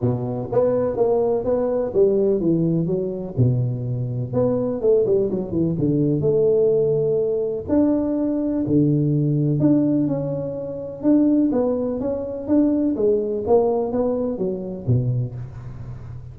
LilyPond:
\new Staff \with { instrumentName = "tuba" } { \time 4/4 \tempo 4 = 125 b,4 b4 ais4 b4 | g4 e4 fis4 b,4~ | b,4 b4 a8 g8 fis8 e8 | d4 a2. |
d'2 d2 | d'4 cis'2 d'4 | b4 cis'4 d'4 gis4 | ais4 b4 fis4 b,4 | }